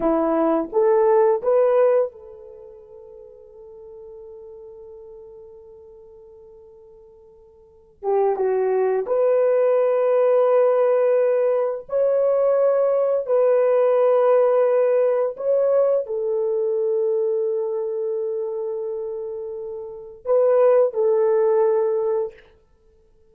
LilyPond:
\new Staff \with { instrumentName = "horn" } { \time 4/4 \tempo 4 = 86 e'4 a'4 b'4 a'4~ | a'1~ | a'2.~ a'8 g'8 | fis'4 b'2.~ |
b'4 cis''2 b'4~ | b'2 cis''4 a'4~ | a'1~ | a'4 b'4 a'2 | }